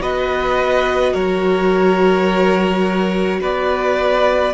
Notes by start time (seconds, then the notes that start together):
0.00 B3 F#4 B4 D#5
1.13 F#3 A#4 C#5
3.40 B3 B4 D5